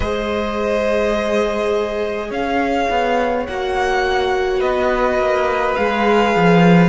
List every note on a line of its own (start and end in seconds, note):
0.00 2.30 G#3
0.00 3.46 G#4
0.00 2.28 C5
0.00 2.30 D#5
2.28 2.88 C#4
2.28 4.59 C#5
2.28 3.45 F5
2.89 3.47 B3
3.45 4.62 A#3
3.45 5.76 F#4
3.45 4.60 F#5
4.59 5.18 B3
4.59 6.88 B4
4.59 5.75 D#5
5.18 5.76 A#3
5.75 6.35 G#3
5.75 6.88 G#4
5.75 6.88 F5
6.35 6.88 F3